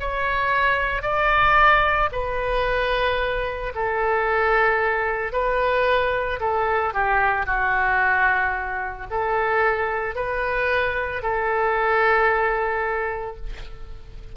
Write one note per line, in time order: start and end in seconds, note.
0.00 1.02 C#5
1.02 2.09 D5
2.12 3.73 B4
3.75 5.32 A4
5.32 6.39 B4
6.40 6.94 A4
6.94 7.46 G4
7.46 9.07 F#4
9.10 10.15 A4
10.15 11.22 B4
11.22 13.36 A4